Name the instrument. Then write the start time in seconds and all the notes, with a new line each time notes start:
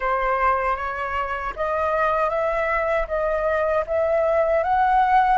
flute
0.00 C5
0.76 C#5
1.56 D#5
2.29 E5
3.07 D#5
3.86 E5
4.63 F#5